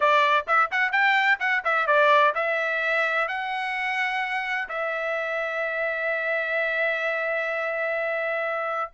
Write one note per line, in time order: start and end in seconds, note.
0.00 0.46 D5
0.47 0.70 E5
0.71 0.92 F#5
0.92 1.38 G5
1.39 1.63 F#5
1.64 1.86 E5
1.86 2.33 D5
2.35 3.27 E5
3.27 4.68 F#5
4.69 8.90 E5